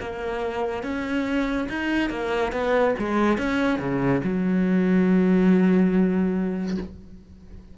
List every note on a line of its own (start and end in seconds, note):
0.00 0.83 A#3
0.83 1.67 C#4
1.69 2.10 D#4
2.10 2.52 A#3
2.52 2.94 B3
2.98 3.38 G#3
3.38 3.79 C#4
3.79 4.21 C#3
4.23 6.77 F#3